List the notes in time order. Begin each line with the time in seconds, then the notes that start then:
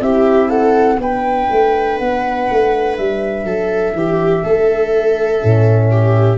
0.00 C4 E4 G4 E5
0.48 A4 F#5
0.98 B3 D4 B4 G5
1.51 A3
1.98 B3 F#5
2.50 A3
2.96 G3 E5
3.44 F#3 A4
3.93 E3 G4
4.43 A3 A4
5.39 A2 C#4
5.91 G4